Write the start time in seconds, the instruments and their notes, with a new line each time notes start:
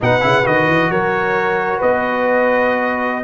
0.01 tuba B2, trombone D#4, horn B4, trumpet F#5
0.21 tuba C#3, trombone E4
0.44 tuba D#3, trombone F#4, trumpet D#5
0.67 tuba E3
0.89 tuba F#3, horn A#4, trumpet C#5
1.77 tuba B3, horn B4, trumpet D#5